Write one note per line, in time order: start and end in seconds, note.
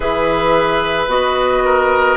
0.00 1.07 E3
0.00 1.07 G#4
0.00 1.63 B4
0.00 1.09 E5
1.07 2.16 B3
1.07 2.17 F#4
1.07 2.17 D#5
1.65 2.17 A#4